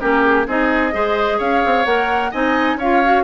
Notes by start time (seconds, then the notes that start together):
0.00 A#3 C#4 G4 A#4
0.21 G#4
0.47 C4 D#4 G#4 D#5
0.93 G#3 G#4 C5
1.39 C#4 C#5 F5
1.66 C4
1.86 A#3 A#4 F#5
2.31 C4 D#4 D#5 G#5
2.76 C#4 C#5 F5
2.82 F4
3.05 F#4